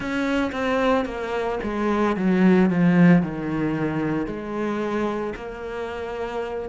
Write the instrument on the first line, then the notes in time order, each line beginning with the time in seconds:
cello
0.00 C#4
0.52 C4
1.05 A#3
1.63 G#3
2.16 F#3
2.69 F3
3.22 D#3
4.26 G#3
5.35 A#3